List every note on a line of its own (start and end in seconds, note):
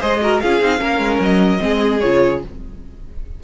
0.00 0.42 G#3
0.00 0.21 G#4
0.00 0.20 C5
0.00 0.40 D#5
0.21 0.41 F#4
0.21 0.43 A#4
0.40 0.61 C#4
0.40 0.62 F4
0.40 0.81 G#4
0.40 1.20 F5
0.61 0.81 C4
0.61 0.78 D#4
0.78 0.99 A#3
0.78 1.58 C#4
0.78 1.61 A#4
0.99 1.19 G#3
1.20 1.60 F#3
1.20 2.00 D#5
1.59 2.03 G#3
1.59 1.99 C4
1.59 2.43 G#4
2.00 2.43 C#3
2.00 2.43 F4
2.00 2.40 C#5